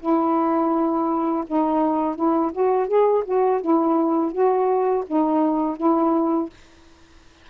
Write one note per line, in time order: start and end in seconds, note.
0.00 1.45 E4
1.47 2.16 D#4
2.16 2.52 E4
2.52 2.88 F#4
2.88 3.24 G#4
3.25 3.61 F#4
3.61 4.32 E4
4.32 5.04 F#4
5.07 5.77 D#4
5.77 6.50 E4